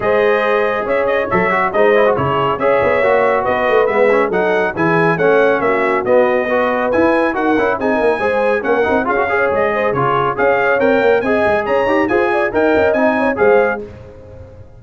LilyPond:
<<
  \new Staff \with { instrumentName = "trumpet" } { \time 4/4 \tempo 4 = 139 dis''2 e''8 dis''8 e''4 | dis''4 cis''4 e''2 | dis''4 e''4 fis''4 gis''4 | fis''4 e''4 dis''2 |
gis''4 fis''4 gis''2 | fis''4 f''4 dis''4 cis''4 | f''4 g''4 gis''4 ais''4 | gis''4 g''4 gis''4 f''4 | }
  \new Staff \with { instrumentName = "horn" } { \time 4/4 c''2 cis''2 | c''4 gis'4 cis''2 | b'2 a'4 gis'4 | cis''4 fis'2 b'4~ |
b'4 ais'4 gis'8 ais'8 c''4 | ais'4 gis'8 cis''4 c''8 gis'4 | cis''2 dis''4 cis''4 | c''8 d''8 dis''4. cis''8 c''4 | }
  \new Staff \with { instrumentName = "trombone" } { \time 4/4 gis'2. a'8 fis'8 | dis'8 e'16 fis'16 e'4 gis'4 fis'4~ | fis'4 b8 cis'8 dis'4 e'4 | cis'2 b4 fis'4 |
e'4 fis'8 e'8 dis'4 gis'4 | cis'8 dis'8 f'16 fis'16 gis'4. f'4 | gis'4 ais'4 gis'4. g'8 | gis'4 ais'4 dis'4 gis'4 | }
  \new Staff \with { instrumentName = "tuba" } { \time 4/4 gis2 cis'4 fis4 | gis4 cis4 cis'8 b8 ais4 | b8 a8 gis4 fis4 e4 | a4 ais4 b2 |
e'4 dis'8 cis'8 c'8 ais8 gis4 | ais8 c'8 cis'4 gis4 cis4 | cis'4 c'8 ais8 c'8 gis8 cis'8 dis'8 | f'4 dis'8 cis'8 c'4 gis4 | }
>>